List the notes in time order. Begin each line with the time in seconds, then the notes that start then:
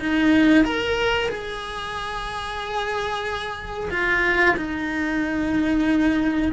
0.00 D#4
0.65 A#4
1.29 G#4
3.91 F4
4.57 D#4